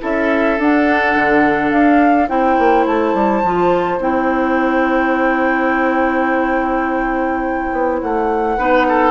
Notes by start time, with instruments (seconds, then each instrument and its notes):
0.00 bassoon C#4, clarinet E4, oboe A4, flute E5
0.58 bassoon D4, clarinet D4, flute F#5
1.15 bassoon D3
1.70 bassoon D4, flute F5
2.28 bassoon C4, clarinet E4, oboe C5, flute G5
2.58 bassoon A#3
2.86 bassoon A3, flute A5
3.14 bassoon G3
3.43 bassoon F3, clarinet F4
3.99 bassoon C4, clarinet E4, flute G5
7.72 bassoon B3
8.01 bassoon A3, flute F#5
8.57 bassoon B3, clarinet D#4, oboe B4
8.88 oboe A4